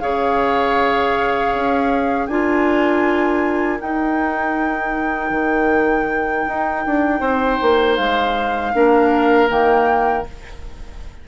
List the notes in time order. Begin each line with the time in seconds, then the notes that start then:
0.00 C#3 G#4 C#5 F5
1.55 C#4
2.27 D4 F4 A#4 G#5
3.80 D#4 G5
5.31 D#3
6.48 D#4
6.86 D4
7.21 C4 C5
7.62 A#3
7.97 G#3 F5
8.74 A#3 D4 A#4
9.49 D#3 A#3 G5